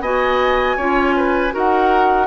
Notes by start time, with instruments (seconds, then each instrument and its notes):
0.00 bassoon B3, clarinet F#4, oboe D#5, flute G#5
0.76 bassoon C#4, clarinet F4, oboe C#5
1.16 oboe B4
1.50 bassoon D#4, clarinet F#4, oboe A#4
1.57 flute F#5